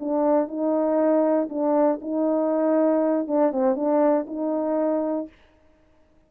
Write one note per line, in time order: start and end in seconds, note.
0.00 0.48 D4
0.48 1.49 D#4
1.50 2.00 D4
2.02 3.28 D#4
3.28 3.52 D4
3.52 3.76 C4
3.76 4.26 D4
4.27 5.28 D#4